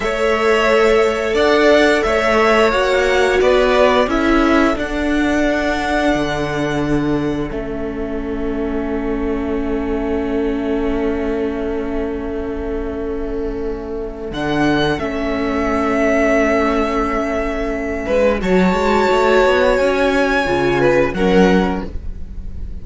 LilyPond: <<
  \new Staff \with { instrumentName = "violin" } { \time 4/4 \tempo 4 = 88 e''2 fis''4 e''4 | fis''4 d''4 e''4 fis''4~ | fis''2. e''4~ | e''1~ |
e''1~ | e''4 fis''4 e''2~ | e''2. a''4~ | a''4 gis''2 fis''4 | }
  \new Staff \with { instrumentName = "violin" } { \time 4/4 cis''2 d''4 cis''4~ | cis''4 b'4 a'2~ | a'1~ | a'1~ |
a'1~ | a'1~ | a'2~ a'8 b'8 cis''4~ | cis''2~ cis''8 b'8 ais'4 | }
  \new Staff \with { instrumentName = "viola" } { \time 4/4 a'1 | fis'2 e'4 d'4~ | d'2. cis'4~ | cis'1~ |
cis'1~ | cis'4 d'4 cis'2~ | cis'2. fis'4~ | fis'2 f'4 cis'4 | }
  \new Staff \with { instrumentName = "cello" } { \time 4/4 a2 d'4 a4 | ais4 b4 cis'4 d'4~ | d'4 d2 a4~ | a1~ |
a1~ | a4 d4 a2~ | a2~ a8 gis8 fis8 gis8 | a8 b8 cis'4 cis4 fis4 | }
>>